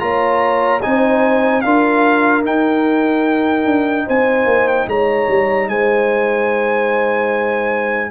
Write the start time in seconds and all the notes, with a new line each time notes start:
0.00 A#3 F4 C#5 A#5
0.82 C4 D#4 C5 G#5
1.61 D4 F4 A#4 F5
2.43 D#4 G5
3.66 D4
4.07 C4 C5 G#5
4.46 A#3
4.68 G5
4.87 G#3 C#5 A#5
5.29 G3
5.69 G#3 C5 G#5